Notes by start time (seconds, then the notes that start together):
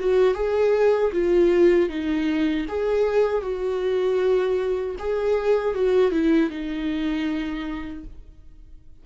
0.00 F#4
0.35 G#4
1.13 F4
1.90 D#4
2.69 G#4
3.42 F#4
4.99 G#4
5.75 F#4
6.12 E4
6.50 D#4